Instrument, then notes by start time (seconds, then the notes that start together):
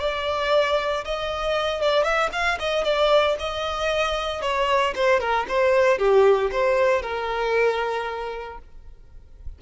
violin
0.00 D5
1.05 D#5
1.82 D5
2.04 E5
2.32 F5
2.59 D#5
2.84 D5
3.39 D#5
4.42 C#5
4.95 C5
5.20 A#4
5.49 C5
5.99 G4
6.52 C5
7.02 A#4